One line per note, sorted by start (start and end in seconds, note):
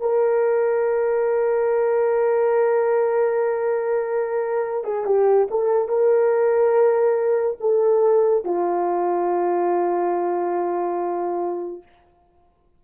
0.00 4.84 A#4
4.84 5.05 G#4
5.05 5.47 G4
5.50 5.88 A4
5.88 7.57 A#4
7.60 8.44 A4
8.45 11.83 F4